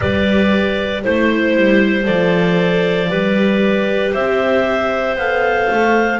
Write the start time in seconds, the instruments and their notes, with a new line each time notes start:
0.00 double bass G3, viola G4, clarinet B4 D5
1.03 double bass A3, viola E4, clarinet C5
1.56 double bass G3
2.03 double bass F3, viola A4, clarinet D5
3.08 double bass G3, viola G4, clarinet B4
4.12 double bass C4, clarinet C5 E5
5.15 double bass B3, viola A4, clarinet F5
5.70 double bass A3